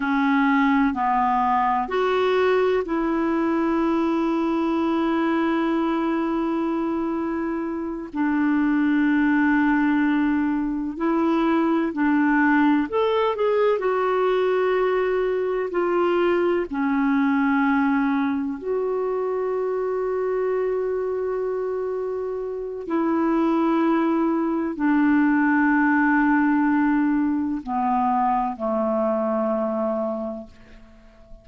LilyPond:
\new Staff \with { instrumentName = "clarinet" } { \time 4/4 \tempo 4 = 63 cis'4 b4 fis'4 e'4~ | e'1~ | e'8 d'2. e'8~ | e'8 d'4 a'8 gis'8 fis'4.~ |
fis'8 f'4 cis'2 fis'8~ | fis'1 | e'2 d'2~ | d'4 b4 a2 | }